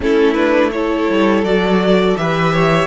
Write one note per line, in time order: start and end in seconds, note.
0.00 1.08 A3
0.00 0.36 C#4
0.00 0.75 E4
0.00 0.34 A4
0.34 0.72 D4
0.34 0.70 B4
0.72 1.45 E4
0.72 2.19 A4
0.72 1.44 C#5
1.09 1.43 G3
1.43 2.15 F#3
1.43 2.17 F#4
1.43 2.16 D5
2.16 2.87 E3
2.16 2.87 G4
2.16 2.53 B4
2.16 2.87 E5
2.53 2.87 C#5